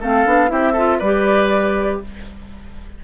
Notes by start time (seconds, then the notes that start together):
0.00 A3 C4 A4 F5
0.26 B3 D4
0.48 C4 E4 G4 E5
0.72 F4 A4
0.99 G3 G4 B4 D5